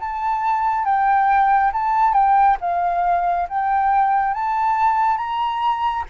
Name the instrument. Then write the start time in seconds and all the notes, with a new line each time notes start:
flute
0.00 A5
0.85 G5
1.73 A5
2.13 G5
2.61 F5
3.49 G5
4.34 A5
5.17 A#5